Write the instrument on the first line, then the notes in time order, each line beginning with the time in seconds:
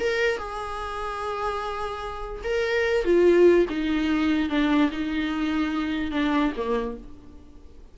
viola
0.00 A#4
0.38 G#4
2.44 A#4
3.05 F4
3.70 D#4
4.50 D4
4.91 D#4
6.12 D4
6.57 A#3